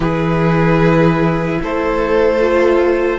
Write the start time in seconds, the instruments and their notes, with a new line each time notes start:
0.00 cello E3, viola E4, violin G#4 B4
1.62 cello A3, violin A4 C5
2.39 viola F4